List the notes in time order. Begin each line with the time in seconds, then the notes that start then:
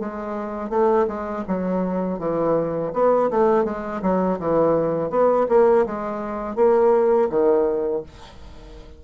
0.00 G#3
0.70 A3
1.08 G#3
1.48 F#3
2.19 E3
2.94 B3
3.31 A3
3.65 G#3
4.02 F#3
4.40 E3
5.10 B3
5.49 A#3
5.86 G#3
6.56 A#3
7.30 D#3